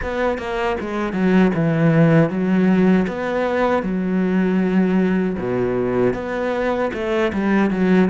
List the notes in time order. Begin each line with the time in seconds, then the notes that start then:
0.02 B3
0.38 A#3
0.80 G#3
1.12 F#3
1.54 E3
2.29 F#3
3.07 B3
3.82 F#3
5.38 B2
6.13 B3
6.93 A3
7.32 G3
7.70 F#3